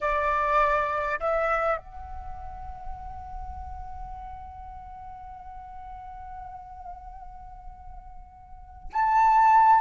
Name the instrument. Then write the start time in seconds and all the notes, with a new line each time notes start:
flute
0.00 D5
1.20 E5
1.77 F#5
8.92 A5